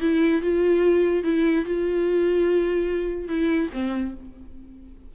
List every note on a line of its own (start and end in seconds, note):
0.00 0.41 E4
0.41 1.23 F4
1.23 1.65 E4
1.65 3.28 F4
3.28 3.69 E4
3.72 4.14 C4